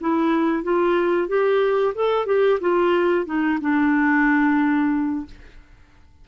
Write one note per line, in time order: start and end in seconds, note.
0.00 0.63 E4
0.63 1.28 F4
1.28 1.94 G4
1.95 2.26 A4
2.26 2.59 G4
2.60 3.25 F4
3.25 3.58 D#4
3.61 5.25 D4